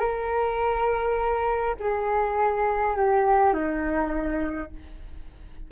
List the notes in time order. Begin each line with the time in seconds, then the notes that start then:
0.00 A#4
1.80 G#4
2.97 G4
3.54 D#4